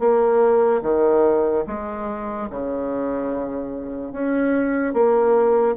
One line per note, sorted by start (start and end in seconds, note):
0.00 0.82 A#3
0.83 1.65 D#3
1.67 2.50 G#3
2.50 4.13 C#3
4.13 4.94 C#4
4.94 5.76 A#3